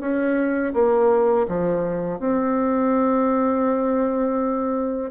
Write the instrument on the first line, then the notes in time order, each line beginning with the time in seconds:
bassoon
0.00 C#4
0.73 A#3
1.48 F3
2.19 C4